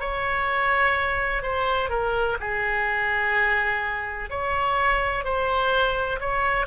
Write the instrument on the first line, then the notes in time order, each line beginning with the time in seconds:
oboe
0.00 C#5
1.42 C5
1.89 A#4
2.40 G#4
4.30 C#5
5.24 C5
6.20 C#5